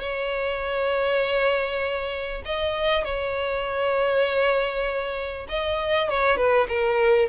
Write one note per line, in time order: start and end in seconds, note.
0.00 2.42 C#5
2.45 3.04 D#5
3.04 5.47 C#5
5.49 6.09 D#5
6.10 6.37 C#5
6.37 6.67 B4
6.68 7.29 A#4